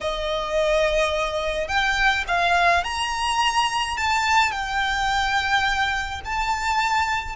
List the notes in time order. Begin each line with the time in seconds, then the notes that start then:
0.00 D#5
1.67 G5
2.27 F5
2.84 A#5
3.97 A5
4.51 G5
6.24 A5